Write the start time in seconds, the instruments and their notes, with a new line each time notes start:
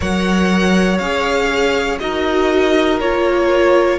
0.00 cello F#3, viola A#4, violin C#5 F#5
0.98 cello C#4, viola G#4, violin F5
1.99 cello D#4, viola F#4, violin A#4 D#5
2.99 cello A#3, viola F4, violin C#5